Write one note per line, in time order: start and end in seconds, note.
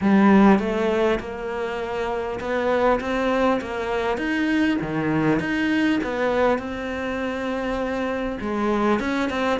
0.01 0.59 G3
0.59 1.19 A3
1.19 2.39 A#3
2.39 2.99 B3
3.00 3.60 C4
3.61 4.17 A#3
4.17 4.77 D#4
4.81 5.39 D#3
5.39 5.99 D#4
6.03 6.58 B3
6.58 8.38 C4
8.40 8.99 G#3
8.99 9.29 C#4
9.29 9.59 C4